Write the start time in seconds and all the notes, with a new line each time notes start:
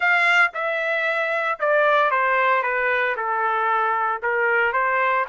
0.00 F5
0.54 E5
1.59 D5
2.11 C5
2.62 B4
3.16 A4
4.22 A#4
4.72 C5